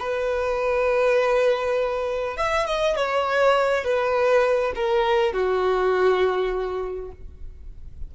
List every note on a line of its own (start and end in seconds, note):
0.00 2.37 B4
2.37 2.67 E5
2.67 2.96 D#5
2.97 3.85 C#5
3.85 4.74 B4
4.76 5.33 A#4
5.33 7.12 F#4